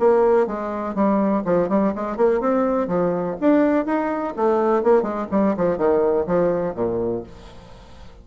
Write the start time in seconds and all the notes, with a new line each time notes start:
0.00 A#3
0.47 G#3
0.95 G3
1.45 F3
1.69 G3
1.96 G#3
2.17 A#3
2.41 C4
2.88 F3
3.41 D4
3.86 D#4
4.37 A3
4.84 A#3
5.03 G#3
5.32 G3
5.57 F3
5.78 D#3
6.27 F3
6.75 A#2